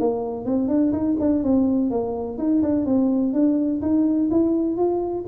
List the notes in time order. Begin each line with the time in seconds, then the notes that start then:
0.00 A#3
0.46 C4
0.69 D4
0.93 D#4
1.20 D4
1.44 C4
1.91 A#3
2.38 D#4
2.63 D4
2.86 C4
3.34 D4
3.82 D#4
4.31 E4
4.77 F4